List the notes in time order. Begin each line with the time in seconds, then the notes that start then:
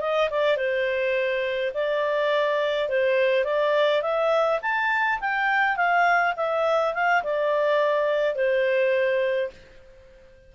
0.00 D#5
0.30 D5
0.56 C5
1.73 D5
2.89 C5
3.44 D5
4.01 E5
4.62 A5
5.20 G5
5.76 F5
6.36 E5
6.94 F5
7.23 D5
8.35 C5